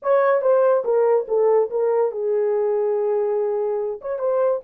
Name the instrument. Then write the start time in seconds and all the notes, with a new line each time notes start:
horn
0.02 C#5
0.41 C5
0.84 A#4
1.27 A4
1.70 A#4
2.11 G#4
4.01 C#5
4.18 C5